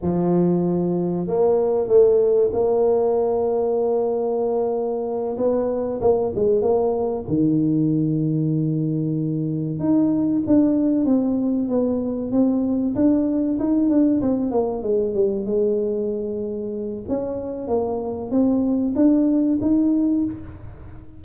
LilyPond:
\new Staff \with { instrumentName = "tuba" } { \time 4/4 \tempo 4 = 95 f2 ais4 a4 | ais1~ | ais8 b4 ais8 gis8 ais4 dis8~ | dis2.~ dis8 dis'8~ |
dis'8 d'4 c'4 b4 c'8~ | c'8 d'4 dis'8 d'8 c'8 ais8 gis8 | g8 gis2~ gis8 cis'4 | ais4 c'4 d'4 dis'4 | }